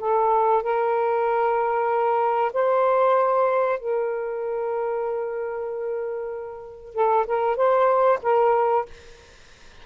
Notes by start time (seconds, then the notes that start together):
0.00 A4
0.63 A#4
2.53 C5
3.80 A#4
6.94 A4
7.27 A#4
7.56 C5
8.22 A#4